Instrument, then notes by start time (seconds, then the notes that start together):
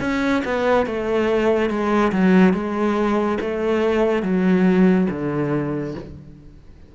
cello
0.00 C#4
0.45 B3
0.86 A3
1.69 G#3
2.12 F#3
2.54 G#3
3.41 A3
4.23 F#3
5.10 D3